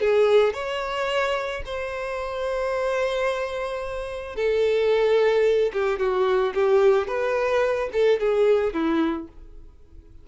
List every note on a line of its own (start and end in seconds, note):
0.00 0.54 G#4
0.54 1.63 C#5
1.65 4.36 C5
4.36 5.72 A4
5.73 5.99 G4
5.99 6.53 F#4
6.54 7.07 G4
7.07 7.89 B4
7.93 8.20 A4
8.20 8.73 G#4
8.73 9.28 E4